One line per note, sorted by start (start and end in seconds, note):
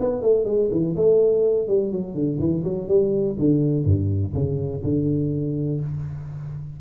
0.00 0.21 B3
0.21 0.45 A3
0.45 0.69 G#3
0.71 0.95 E3
0.96 1.68 A3
1.68 1.92 G3
1.92 2.14 F#3
2.14 2.39 D3
2.39 2.63 E3
2.64 2.88 F#3
2.88 3.36 G3
3.39 3.84 D3
3.84 4.33 G2
4.34 4.82 C#3
4.84 5.80 D3